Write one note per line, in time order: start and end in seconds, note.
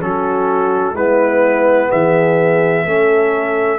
0.00 0.94 F#3
0.00 0.95 C#4
0.00 0.94 F#4
0.00 0.96 A4
0.94 1.89 G#3
0.94 2.87 B3
0.94 1.89 E4
0.94 1.91 B4
1.91 2.86 E3
1.91 2.86 G#4
1.91 3.79 E5
2.86 3.79 A3
2.86 3.79 C#4
2.86 3.79 A4